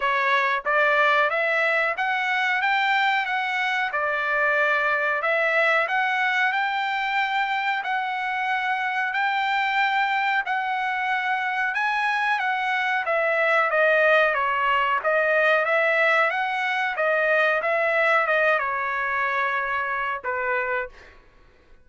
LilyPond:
\new Staff \with { instrumentName = "trumpet" } { \time 4/4 \tempo 4 = 92 cis''4 d''4 e''4 fis''4 | g''4 fis''4 d''2 | e''4 fis''4 g''2 | fis''2 g''2 |
fis''2 gis''4 fis''4 | e''4 dis''4 cis''4 dis''4 | e''4 fis''4 dis''4 e''4 | dis''8 cis''2~ cis''8 b'4 | }